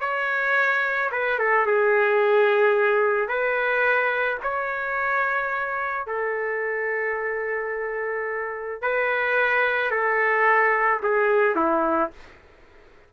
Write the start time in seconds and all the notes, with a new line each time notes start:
0.00 C#5
1.11 B4
1.38 A4
1.66 G#4
3.28 B4
4.42 C#5
6.06 A4
8.81 B4
9.91 A4
11.03 G#4
11.55 E4